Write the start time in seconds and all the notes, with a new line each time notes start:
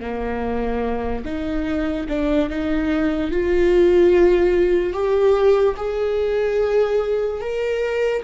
0.00 A#3
1.25 D#4
2.08 D4
2.49 D#4
3.31 F4
4.93 G4
5.76 G#4
7.40 A#4